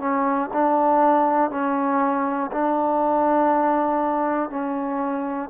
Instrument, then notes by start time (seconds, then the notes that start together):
trombone
0.00 C#4
0.53 D4
1.50 C#4
2.52 D4
4.50 C#4